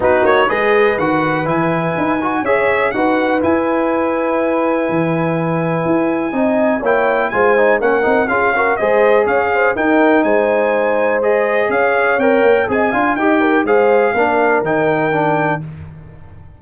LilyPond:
<<
  \new Staff \with { instrumentName = "trumpet" } { \time 4/4 \tempo 4 = 123 b'8 cis''8 dis''4 fis''4 gis''4~ | gis''4 e''4 fis''4 gis''4~ | gis''1~ | gis''2 g''4 gis''4 |
fis''4 f''4 dis''4 f''4 | g''4 gis''2 dis''4 | f''4 g''4 gis''4 g''4 | f''2 g''2 | }
  \new Staff \with { instrumentName = "horn" } { \time 4/4 fis'4 b'2.~ | b'4 cis''4 b'2~ | b'1~ | b'4 dis''4 cis''4 c''4 |
ais'4 gis'8 ais'8 c''4 cis''8 c''8 | ais'4 c''2. | cis''2 dis''8 f''8 dis''8 ais'8 | c''4 ais'2. | }
  \new Staff \with { instrumentName = "trombone" } { \time 4/4 dis'4 gis'4 fis'4 e'4~ | e'8 fis'8 gis'4 fis'4 e'4~ | e'1~ | e'4 dis'4 e'4 f'8 dis'8 |
cis'8 dis'8 f'8 fis'8 gis'2 | dis'2. gis'4~ | gis'4 ais'4 gis'8 f'8 g'4 | gis'4 d'4 dis'4 d'4 | }
  \new Staff \with { instrumentName = "tuba" } { \time 4/4 b8 ais8 gis4 dis4 e4 | dis'4 cis'4 dis'4 e'4~ | e'2 e2 | e'4 c'4 ais4 gis4 |
ais8 c'8 cis'4 gis4 cis'4 | dis'4 gis2. | cis'4 c'8 ais8 c'8 d'8 dis'4 | gis4 ais4 dis2 | }
>>